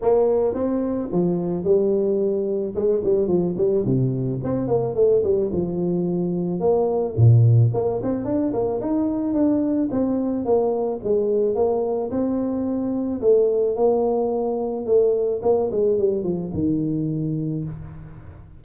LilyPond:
\new Staff \with { instrumentName = "tuba" } { \time 4/4 \tempo 4 = 109 ais4 c'4 f4 g4~ | g4 gis8 g8 f8 g8 c4 | c'8 ais8 a8 g8 f2 | ais4 ais,4 ais8 c'8 d'8 ais8 |
dis'4 d'4 c'4 ais4 | gis4 ais4 c'2 | a4 ais2 a4 | ais8 gis8 g8 f8 dis2 | }